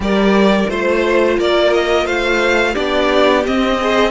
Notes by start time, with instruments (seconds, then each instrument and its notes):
0.00 cello G3, viola G4, violin A#4 D5
0.69 cello A3, viola F4, violin C5
1.38 cello A#3, violin A#4 D5
1.73 violin D#5
2.06 cello A3, violin C5 F5
2.73 cello B3, viola D4, violin G4 D5
3.45 viola C4, cello C4, violin D#5
3.79 viola G#4, violin C5